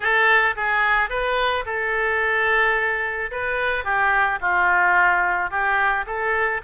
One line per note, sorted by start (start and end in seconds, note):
0.00 0.55 A4
0.56 1.09 G#4
1.09 1.64 B4
1.65 3.31 A4
3.31 3.84 B4
3.84 4.39 G4
4.40 5.50 F4
5.50 6.05 G4
6.06 6.61 A4